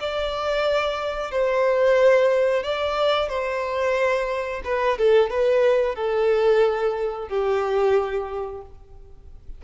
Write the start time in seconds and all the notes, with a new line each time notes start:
0.00 D5
1.31 C5
2.63 D5
3.28 C5
4.65 B4
4.98 A4
5.30 B4
5.95 A4
7.28 G4